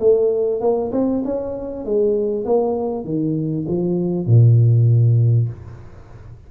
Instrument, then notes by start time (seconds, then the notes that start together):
tuba
0.00 A3
0.61 A#3
0.92 C4
1.25 C#4
1.85 G#3
2.45 A#3
3.05 D#3
3.68 F3
4.26 A#2